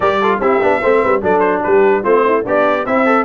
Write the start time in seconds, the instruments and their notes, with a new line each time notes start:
0.00 tuba G3, trombone G4, horn A#4, trumpet D5
0.20 trombone F4, horn A4
0.39 tuba C4, trombone E4, horn G4, trumpet E5
0.61 tuba B3, trombone D4
0.81 tuba A3, trombone C4, horn C5
1.02 tuba G3, horn B4
1.21 tuba F#3, trombone D4, horn A4, trumpet D5
1.39 trumpet C5
1.63 tuba G3, horn G4, trumpet B4
2.02 tuba A3, trombone C4, horn F4, trumpet C5
2.25 horn E4
2.43 tuba B3, horn D4, trombone G4, trumpet D5
2.83 horn C4, tuba C4, trombone E4, trumpet E5
3.05 trombone A4